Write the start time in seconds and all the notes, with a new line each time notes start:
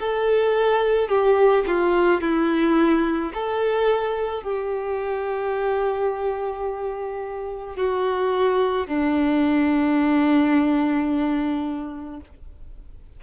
0.00 A4
1.09 G4
1.67 F4
2.21 E4
3.34 A4
4.43 G4
7.76 F#4
8.87 D4